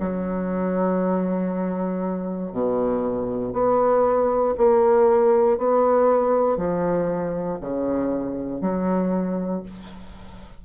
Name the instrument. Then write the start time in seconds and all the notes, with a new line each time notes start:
bassoon
0.00 F#3
2.52 B2
3.53 B3
4.58 A#3
5.58 B3
6.57 F3
7.61 C#3
8.61 F#3